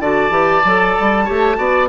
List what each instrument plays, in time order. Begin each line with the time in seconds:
0.00 bassoon D3, clarinet F#4, oboe D5, flute A5
0.31 bassoon E3, clarinet G4
0.65 bassoon F#3, clarinet A4
1.00 bassoon G3
1.25 bassoon A3, clarinet G4, oboe C#5
1.56 bassoon B3, clarinet F#4, oboe D5